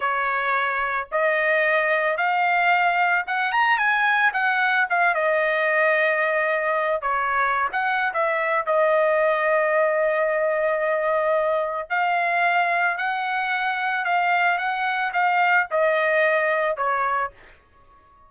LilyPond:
\new Staff \with { instrumentName = "trumpet" } { \time 4/4 \tempo 4 = 111 cis''2 dis''2 | f''2 fis''8 ais''8 gis''4 | fis''4 f''8 dis''2~ dis''8~ | dis''4 cis''4~ cis''16 fis''8. e''4 |
dis''1~ | dis''2 f''2 | fis''2 f''4 fis''4 | f''4 dis''2 cis''4 | }